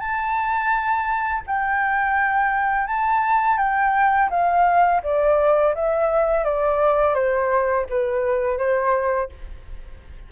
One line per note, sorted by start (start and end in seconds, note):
0.00 1.43 A5
1.47 2.88 G5
2.88 3.58 A5
3.58 4.30 G5
4.31 5.02 F5
5.04 5.75 D5
5.75 6.45 E5
6.45 7.15 D5
7.15 7.86 C5
7.90 8.58 B4
8.58 9.30 C5